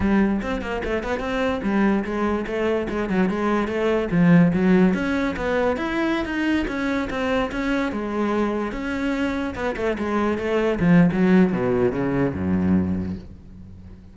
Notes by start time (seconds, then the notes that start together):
0.00 G3
0.41 C4
0.61 A#3
0.84 A3
1.03 B3
1.19 C4
1.62 G3
2.04 G#3
2.46 A3
2.89 G#3
3.09 F#3
3.29 G#3
3.67 A3
4.11 F3
4.53 F#3
4.94 C#4
5.36 B3
5.76 E4
6.25 D#4
6.67 C#4
7.09 C4
7.51 C#4
7.92 G#3
8.72 C#4
9.55 B3
9.76 A3
9.98 G#3
10.37 A3
10.79 F3
11.12 F#3
11.52 B2
11.92 C#3
12.34 F#2